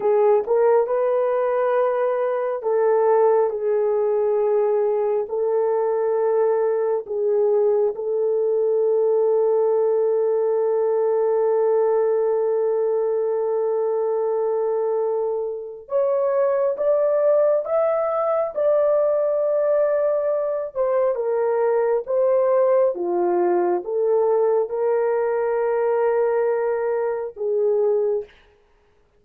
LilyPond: \new Staff \with { instrumentName = "horn" } { \time 4/4 \tempo 4 = 68 gis'8 ais'8 b'2 a'4 | gis'2 a'2 | gis'4 a'2.~ | a'1~ |
a'2 cis''4 d''4 | e''4 d''2~ d''8 c''8 | ais'4 c''4 f'4 a'4 | ais'2. gis'4 | }